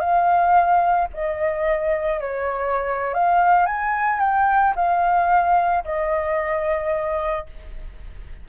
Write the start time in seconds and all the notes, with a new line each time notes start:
0.00 F5
1.13 D#5
2.20 C#5
3.14 F5
3.66 G#5
4.20 G5
4.76 F5
5.84 D#5